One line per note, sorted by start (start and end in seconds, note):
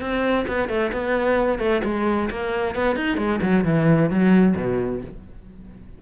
0.00 0.45 C4
0.47 0.68 B3
0.68 0.91 A3
0.92 1.58 B3
1.58 1.81 A3
1.84 2.29 G#3
2.30 2.75 A#3
2.75 2.96 B3
2.96 3.17 D#4
3.17 3.40 G#3
3.42 3.64 F#3
3.64 4.10 E3
4.10 4.55 F#3
4.56 5.01 B2